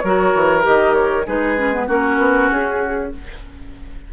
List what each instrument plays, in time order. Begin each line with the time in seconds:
0.00 bassoon F#3, clarinet F#4, oboe A#4, flute C#5
0.35 bassoon E3
0.62 bassoon D#3, clarinet G4, flute D#5
0.94 flute C#5
1.26 bassoon G#3, clarinet D#4, oboe G#4, flute B4
1.57 clarinet C#4
1.73 clarinet B3
1.87 bassoon A#3, clarinet C#4, oboe F#4, flute A#4
2.18 bassoon B3
2.51 bassoon C#4, flute G#4